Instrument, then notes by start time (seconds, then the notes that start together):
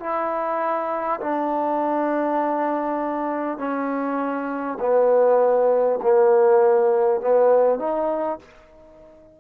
trombone
0.00 E4
1.21 D4
3.58 C#4
4.79 B3
6.03 A#3
7.21 B3
7.79 D#4